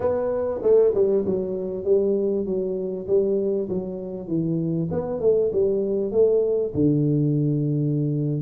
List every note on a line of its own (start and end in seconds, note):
0.00 0.61 B3
0.62 0.93 A3
0.94 1.24 G3
1.25 1.84 F#3
1.84 2.45 G3
2.45 3.06 F#3
3.07 3.68 G3
3.68 4.27 F#3
4.27 4.88 E3
4.91 5.20 B3
5.20 5.51 A3
5.52 6.11 G3
6.11 6.72 A3
6.74 8.41 D3